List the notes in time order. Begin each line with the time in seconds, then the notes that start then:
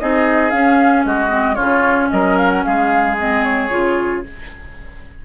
0.00 C4 D#4 G#4 D#5
0.51 C#4 F5
1.05 G#3 F#4 D#5
1.29 C4
1.55 C#3 C#4 F4 C#5
2.11 F#3 A#4 D#5
2.37 F5
2.51 F#5
2.64 G#3 G#4 F5
3.18 C4 D#5
3.44 C#5
3.70 C#3 F4